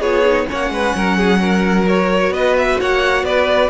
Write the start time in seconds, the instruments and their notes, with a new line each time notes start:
0.00 cello B3, viola F4, violin G#4 C#5
0.25 viola D#4
0.47 cello A#3, viola C#4, violin C#5 F#5
0.70 cello G#3, violin B4
0.96 cello F#3, violin A#4
1.18 violin G#4
1.41 violin A#4
1.88 viola F#4, violin C#5
2.30 cello B3, violin B4 D#5
2.57 violin E5
2.81 cello A#3, violin C#5 F#5
3.24 cello B3, violin B4 D5